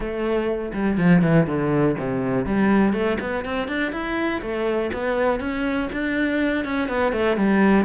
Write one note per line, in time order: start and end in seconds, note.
0.00 0.72 A3
0.73 0.97 G3
0.97 1.22 F3
1.22 1.46 E3
1.46 1.95 D3
1.98 2.45 C3
2.45 2.93 G3
2.93 3.17 A3
3.20 3.44 B3
3.44 3.68 C4
3.68 3.91 D4
3.91 4.41 E4
4.42 4.90 A3
4.93 5.40 B3
5.40 5.89 C#4
5.92 6.65 D4
6.65 6.88 C#4
6.88 7.12 B3
7.12 7.36 A3
7.36 7.85 G3